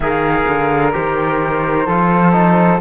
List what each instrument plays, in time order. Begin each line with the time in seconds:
0.00 cello D#3, trombone G#4, flute A#4 F5
0.47 cello D3
0.92 cello D#3, trombone G4, flute C5
1.86 cello F3, trombone F4, flute A4
2.32 trombone D#4